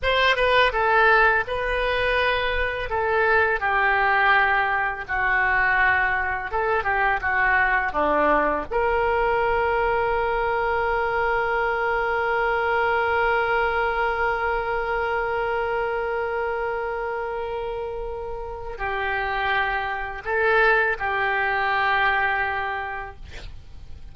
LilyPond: \new Staff \with { instrumentName = "oboe" } { \time 4/4 \tempo 4 = 83 c''8 b'8 a'4 b'2 | a'4 g'2 fis'4~ | fis'4 a'8 g'8 fis'4 d'4 | ais'1~ |
ais'1~ | ais'1~ | ais'2 g'2 | a'4 g'2. | }